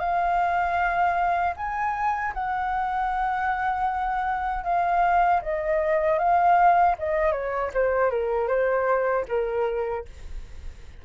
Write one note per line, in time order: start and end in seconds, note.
0.00 1.54 F5
1.57 2.34 G#5
2.34 4.64 F#5
4.64 5.41 F5
5.42 6.19 D#5
6.19 6.95 F5
6.99 7.32 D#5
7.32 7.71 C#5
7.74 8.11 C5
8.11 8.48 A#4
8.48 9.25 C5
9.28 10.05 A#4